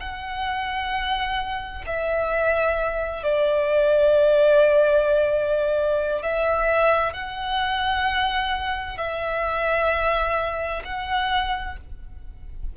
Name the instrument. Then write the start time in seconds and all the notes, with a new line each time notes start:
violin
0.00 F#5
1.87 E5
3.23 D5
6.23 E5
7.14 F#5
8.98 E5
10.85 F#5